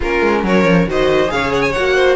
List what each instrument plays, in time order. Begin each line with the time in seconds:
0.00 cello A#3, viola C#4, violin F4 A#4
0.21 cello G#3
0.43 cello F#3, violin A#4 C#5
0.64 cello F3
0.86 cello D#3, viola F#4, violin C5 D#5
1.27 cello C#3, viola G#4, violin C#5 F5
1.53 violin F#5
1.61 violin G#5
1.72 cello A#3, viola F#4, violin F#5
1.95 violin C5